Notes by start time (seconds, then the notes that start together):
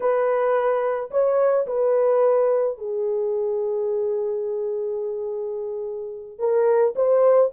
0.00 B4
1.11 C#5
1.66 B4
2.78 G#4
6.39 A#4
6.95 C5